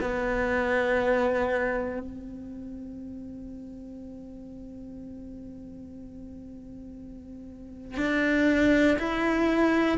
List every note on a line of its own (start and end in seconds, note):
0.00 1.99 B3
1.99 7.97 C4
7.97 8.97 D4
8.98 9.98 E4